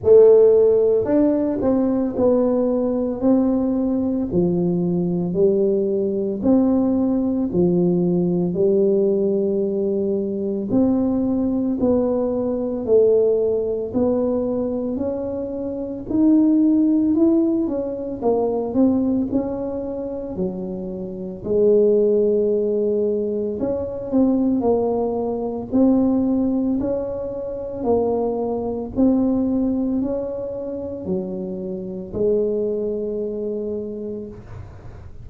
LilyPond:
\new Staff \with { instrumentName = "tuba" } { \time 4/4 \tempo 4 = 56 a4 d'8 c'8 b4 c'4 | f4 g4 c'4 f4 | g2 c'4 b4 | a4 b4 cis'4 dis'4 |
e'8 cis'8 ais8 c'8 cis'4 fis4 | gis2 cis'8 c'8 ais4 | c'4 cis'4 ais4 c'4 | cis'4 fis4 gis2 | }